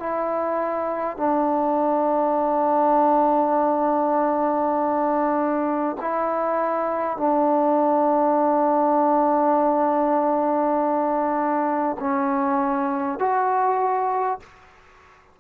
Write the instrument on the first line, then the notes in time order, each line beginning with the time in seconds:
trombone
0.00 E4
1.17 D4
6.01 E4
7.18 D4
12.00 C#4
13.20 F#4